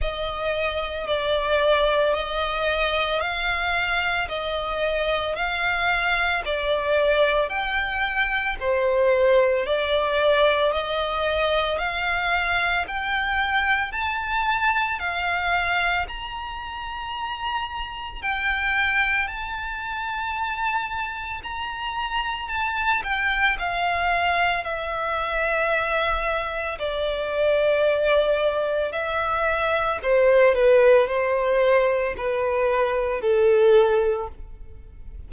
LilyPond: \new Staff \with { instrumentName = "violin" } { \time 4/4 \tempo 4 = 56 dis''4 d''4 dis''4 f''4 | dis''4 f''4 d''4 g''4 | c''4 d''4 dis''4 f''4 | g''4 a''4 f''4 ais''4~ |
ais''4 g''4 a''2 | ais''4 a''8 g''8 f''4 e''4~ | e''4 d''2 e''4 | c''8 b'8 c''4 b'4 a'4 | }